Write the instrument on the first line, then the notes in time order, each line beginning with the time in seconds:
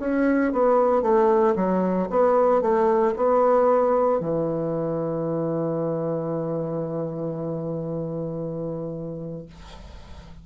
bassoon
0.00 C#4
0.53 B3
1.02 A3
1.56 F#3
2.11 B3
2.62 A3
3.16 B3
4.20 E3